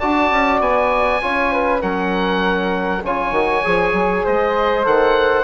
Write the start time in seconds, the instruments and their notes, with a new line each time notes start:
0.00 bassoon D4, trombone F#4, flute D5, oboe A5
0.31 bassoon C#4
0.60 bassoon B3, oboe G#5
1.22 bassoon C#4, trombone F4, flute C#5
1.52 flute B4
1.81 bassoon F#3, trombone C#4, flute A#4, oboe F#5
3.04 bassoon C#3, trombone F4, flute C#5, oboe G#5
3.32 bassoon D#3, trombone F#4
3.65 bassoon F3, trombone G#4
3.93 bassoon F#3
4.25 bassoon G#3, flute C5, oboe D#5
4.84 bassoon D#3, trombone A4, oboe F#5